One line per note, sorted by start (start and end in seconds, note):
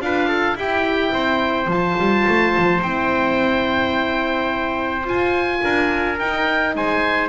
0.00 0.55 D4
0.00 0.54 F4
0.00 0.28 B4
0.00 0.57 F5
0.28 0.56 A4
0.54 1.66 E4
0.54 1.11 E4
0.54 1.13 G4
0.54 1.70 G5
1.12 1.66 C4
1.12 5.61 C5
1.66 1.94 F3
1.66 2.81 F4
1.66 2.82 A5
1.98 2.26 G3
2.28 2.56 A3
2.57 2.81 F3
2.81 5.05 C4
2.81 5.04 E4
2.81 5.06 G5
5.04 6.16 F4
5.04 5.61 F4
5.04 6.19 G#5
5.63 6.19 D4
5.63 6.76 A#4
6.19 6.75 D#4
6.19 7.29 D#4
6.19 6.75 G5
6.75 7.29 G#3
6.75 7.29 C5
6.75 7.29 G#5